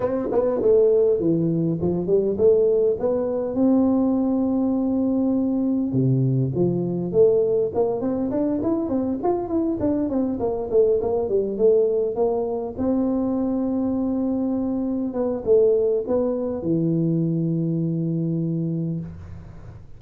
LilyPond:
\new Staff \with { instrumentName = "tuba" } { \time 4/4 \tempo 4 = 101 c'8 b8 a4 e4 f8 g8 | a4 b4 c'2~ | c'2 c4 f4 | a4 ais8 c'8 d'8 e'8 c'8 f'8 |
e'8 d'8 c'8 ais8 a8 ais8 g8 a8~ | a8 ais4 c'2~ c'8~ | c'4. b8 a4 b4 | e1 | }